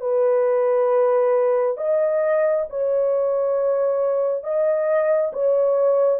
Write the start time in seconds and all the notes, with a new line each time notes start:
0.00 B4
1.77 D#5
2.69 C#5
4.43 D#5
5.33 C#5